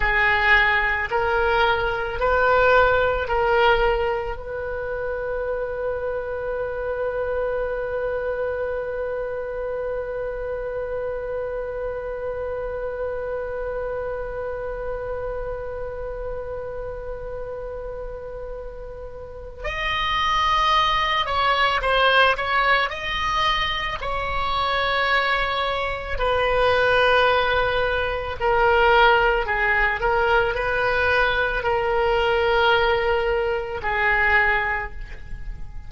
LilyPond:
\new Staff \with { instrumentName = "oboe" } { \time 4/4 \tempo 4 = 55 gis'4 ais'4 b'4 ais'4 | b'1~ | b'1~ | b'1~ |
b'2 dis''4. cis''8 | c''8 cis''8 dis''4 cis''2 | b'2 ais'4 gis'8 ais'8 | b'4 ais'2 gis'4 | }